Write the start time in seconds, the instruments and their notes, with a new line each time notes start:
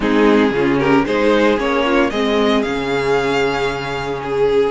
0.00 cello G#3, viola C4, violin D#4 G#4
0.50 cello C#3, viola C#4, violin F4
0.78 violin G4 A#4
1.05 cello G#3, viola D#4, violin G#4 C5
1.57 cello A#3, viola C#4, violin C#5
1.85 violin F4
2.10 cello G#3, viola C4, violin G#4 D#5
2.62 cello C#3, viola C#4, violin F5
4.22 violin G#4